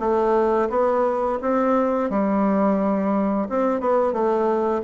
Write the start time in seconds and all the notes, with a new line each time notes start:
0.00 A3
0.70 B3
1.42 C4
2.10 G3
3.50 C4
3.81 B3
4.13 A3